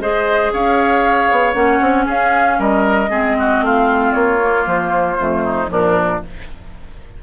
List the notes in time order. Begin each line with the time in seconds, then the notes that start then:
0.00 G#3 G#4 C5 D#5
0.53 C#4 C#5 F5
1.31 B3
1.54 A#3 C#4 F#5
1.81 C4
2.06 C#4 G#4 F5
2.59 G3 A#4 D#5
3.10 G#3 C4 G#4
3.39 F#4
3.62 A3 F4 F5
4.13 A#3 C#5
4.42 A#3
4.66 F3 C5
5.19 F2 A3
5.44 D#4
5.67 A#2 F3 D4 A#4